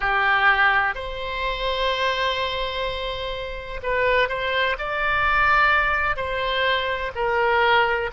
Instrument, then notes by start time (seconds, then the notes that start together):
oboe
0.00 G4
0.94 C5
3.83 B4
4.29 C5
4.78 D5
6.16 C5
7.15 A#4